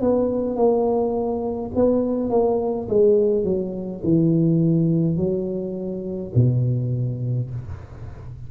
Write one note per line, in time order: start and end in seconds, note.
0.00 0.56 B3
0.56 1.71 A#3
1.75 2.30 B3
2.30 2.87 A#3
2.88 3.44 G#3
3.44 4.01 F#3
4.03 5.17 E3
5.17 6.32 F#3
6.35 7.50 B2